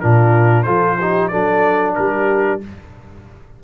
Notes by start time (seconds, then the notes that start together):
0.00 A#2 D4 F4 A#4
0.63 F3 F4 A4 C5
0.99 D#4 G4
1.28 F#3 D4 A4 D5
1.95 G3 G4 A#4